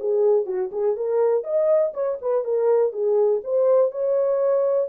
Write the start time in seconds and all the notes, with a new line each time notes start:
0.00 G#4
0.46 F#4
0.72 G#4
0.97 A#4
1.44 D#5
1.94 C#5
2.22 B4
2.44 A#4
2.93 G#4
3.44 C5
3.92 C#5